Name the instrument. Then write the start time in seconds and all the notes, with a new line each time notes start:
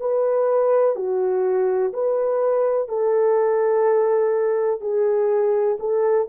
horn
0.00 B4
0.95 F#4
1.93 B4
2.89 A4
4.81 G#4
5.80 A4